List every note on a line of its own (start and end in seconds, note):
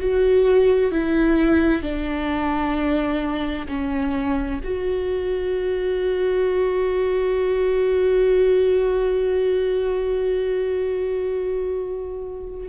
0.00 0.92 F#4
0.92 1.83 E4
1.83 3.67 D4
3.68 4.60 C#4
4.64 12.69 F#4